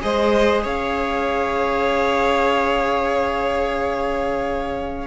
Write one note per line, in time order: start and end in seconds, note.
0.00 0.65 G#3
0.00 5.07 G#4
0.00 0.62 C5
0.00 0.66 D#5
0.62 5.07 C#4
0.62 5.07 C#5
0.62 5.07 F5